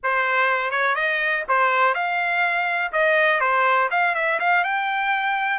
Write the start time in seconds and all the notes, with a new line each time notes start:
0.03 C5
0.71 C#5
0.95 D#5
1.48 C5
1.94 F5
2.92 D#5
3.40 C5
3.90 F5
4.14 E5
4.39 F5
4.64 G5